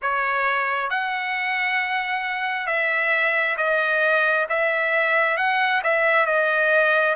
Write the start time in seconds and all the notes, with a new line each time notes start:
0.02 C#5
0.90 F#5
2.66 E5
3.57 D#5
4.49 E5
5.37 F#5
5.83 E5
6.26 D#5